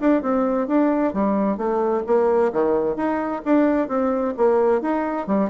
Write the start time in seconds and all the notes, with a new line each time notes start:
0.00 D4
0.22 C4
0.67 D4
1.13 G3
1.57 A3
2.07 A#3
2.53 D#3
2.96 D#4
3.45 D4
3.88 C4
4.37 A#3
4.81 D#4
5.27 G3